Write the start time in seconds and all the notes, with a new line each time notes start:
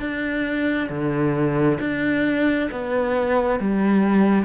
0.00 D4
0.90 D3
1.80 D4
2.72 B3
3.60 G3